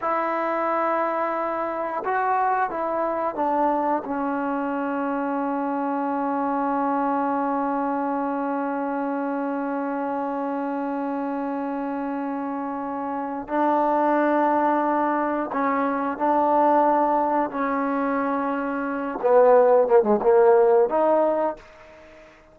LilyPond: \new Staff \with { instrumentName = "trombone" } { \time 4/4 \tempo 4 = 89 e'2. fis'4 | e'4 d'4 cis'2~ | cis'1~ | cis'1~ |
cis'1 | d'2. cis'4 | d'2 cis'2~ | cis'8 b4 ais16 gis16 ais4 dis'4 | }